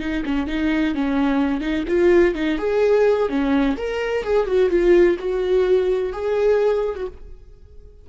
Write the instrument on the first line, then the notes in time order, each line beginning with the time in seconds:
viola
0.00 D#4
0.26 C#4
0.47 D#4
0.95 C#4
1.61 D#4
1.88 F4
2.35 D#4
2.59 G#4
3.29 C#4
3.77 A#4
4.24 G#4
4.47 F#4
4.70 F4
5.19 F#4
6.13 G#4
6.96 F#4